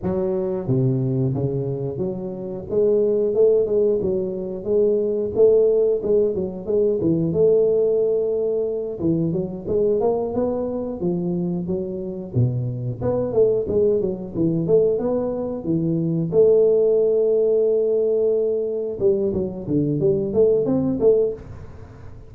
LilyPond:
\new Staff \with { instrumentName = "tuba" } { \time 4/4 \tempo 4 = 90 fis4 c4 cis4 fis4 | gis4 a8 gis8 fis4 gis4 | a4 gis8 fis8 gis8 e8 a4~ | a4. e8 fis8 gis8 ais8 b8~ |
b8 f4 fis4 b,4 b8 | a8 gis8 fis8 e8 a8 b4 e8~ | e8 a2.~ a8~ | a8 g8 fis8 d8 g8 a8 c'8 a8 | }